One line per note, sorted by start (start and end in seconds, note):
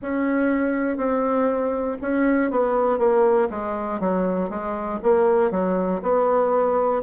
0.01 0.97 C#4
0.97 1.97 C4
2.01 2.50 C#4
2.50 2.98 B3
2.98 3.48 A#3
3.50 4.00 G#3
4.00 4.50 F#3
4.50 5.00 G#3
5.02 5.50 A#3
5.50 6.00 F#3
6.02 7.02 B3